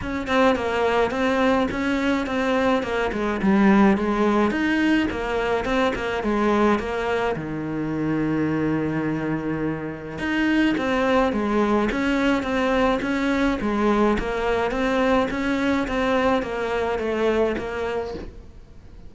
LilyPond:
\new Staff \with { instrumentName = "cello" } { \time 4/4 \tempo 4 = 106 cis'8 c'8 ais4 c'4 cis'4 | c'4 ais8 gis8 g4 gis4 | dis'4 ais4 c'8 ais8 gis4 | ais4 dis2.~ |
dis2 dis'4 c'4 | gis4 cis'4 c'4 cis'4 | gis4 ais4 c'4 cis'4 | c'4 ais4 a4 ais4 | }